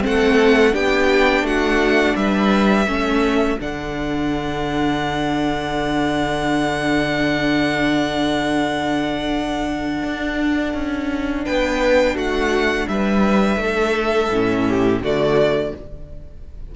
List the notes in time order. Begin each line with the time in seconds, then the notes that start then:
0.00 A3 C4 A4 F#5
0.72 B3 D4 G4 G5
1.42 A3 F#4 F#5
2.16 G3 B4 E5
2.87 A3 C#4 A4
3.59 D3 D4 F#5
10.03 D4
10.74 C#4
11.45 B3 B4 G5
12.15 A3 F#4 F#5
12.88 G3 B4 E5
13.57 A3 A4
14.30 A2 C#4
14.68 G4
15.01 D3 A3 F#4 D5